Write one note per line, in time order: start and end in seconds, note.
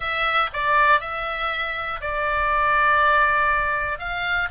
0.00 0.49 E5
0.53 1.00 D5
1.00 2.00 E5
2.00 3.98 D5
3.98 4.48 F5